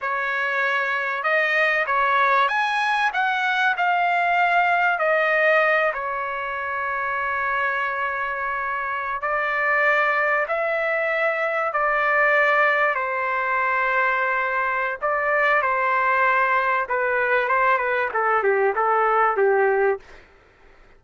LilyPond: \new Staff \with { instrumentName = "trumpet" } { \time 4/4 \tempo 4 = 96 cis''2 dis''4 cis''4 | gis''4 fis''4 f''2 | dis''4. cis''2~ cis''8~ | cis''2~ cis''8. d''4~ d''16~ |
d''8. e''2 d''4~ d''16~ | d''8. c''2.~ c''16 | d''4 c''2 b'4 | c''8 b'8 a'8 g'8 a'4 g'4 | }